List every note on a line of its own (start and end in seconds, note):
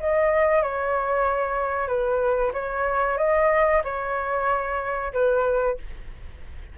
0.00 0.62 D#5
0.62 1.88 C#5
1.88 2.52 B4
2.53 3.18 C#5
3.18 3.82 D#5
3.84 5.13 C#5
5.13 5.78 B4